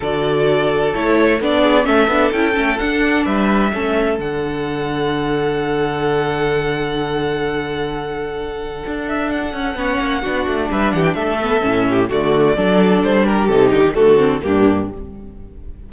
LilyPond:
<<
  \new Staff \with { instrumentName = "violin" } { \time 4/4 \tempo 4 = 129 d''2 cis''4 d''4 | e''4 g''4 fis''4 e''4~ | e''4 fis''2.~ | fis''1~ |
fis''2.~ fis''8 e''8 | fis''2. e''8 fis''16 g''16 | e''2 d''2 | c''8 ais'8 a'8 g'8 a'4 g'4 | }
  \new Staff \with { instrumentName = "violin" } { \time 4/4 a'2.~ a'8 gis'8 | a'2. b'4 | a'1~ | a'1~ |
a'1~ | a'4 cis''4 fis'4 b'8 g'8 | a'4. g'8 fis'4 a'4~ | a'8 g'4. fis'4 d'4 | }
  \new Staff \with { instrumentName = "viola" } { \time 4/4 fis'2 e'4 d'4 | cis'8 d'8 e'8 cis'8 d'2 | cis'4 d'2.~ | d'1~ |
d'1~ | d'4 cis'4 d'2~ | d'8 b8 cis'4 a4 d'4~ | d'4 dis'4 a8 c'8 ais4 | }
  \new Staff \with { instrumentName = "cello" } { \time 4/4 d2 a4 b4 | a8 b8 cis'8 a8 d'4 g4 | a4 d2.~ | d1~ |
d2. d'4~ | d'8 cis'8 b8 ais8 b8 a8 g8 e8 | a4 a,4 d4 fis4 | g4 c8 d16 dis16 d4 g,4 | }
>>